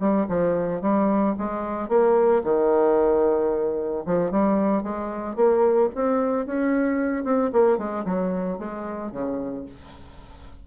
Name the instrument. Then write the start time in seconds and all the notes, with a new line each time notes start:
bassoon
0.00 G3
0.29 F3
0.82 G3
1.38 G#3
1.89 A#3
2.44 D#3
4.06 F3
4.31 G3
4.83 G#3
5.36 A#3
5.95 C4
6.47 C#4
7.25 C4
7.53 A#3
7.78 G#3
8.05 F#3
8.59 G#3
9.12 C#3